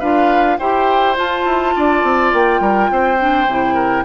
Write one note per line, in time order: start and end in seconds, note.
0.00 0.59 D4
0.00 0.59 F4
0.00 0.58 B4
0.00 0.58 F5
0.59 1.18 E4
0.59 1.16 G4
0.59 1.74 C5
0.59 1.16 G5
1.16 3.18 F4
1.16 1.46 F4
1.16 2.34 A5
1.46 1.74 E4
1.76 2.04 D4
1.76 2.61 D5
2.04 2.32 C4
2.33 2.60 A#3
2.33 4.05 G5
2.60 2.89 G3
2.60 2.90 A#4
2.91 3.47 C4
2.91 3.75 C5
3.19 3.48 D4
3.47 4.05 C3
3.47 4.05 E4
3.75 4.04 A#4